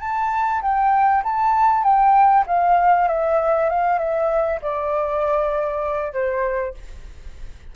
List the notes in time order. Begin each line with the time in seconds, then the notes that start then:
0.00 A5
0.62 G5
1.23 A5
1.83 G5
2.47 F5
3.08 E5
3.70 F5
3.99 E5
4.62 D5
6.13 C5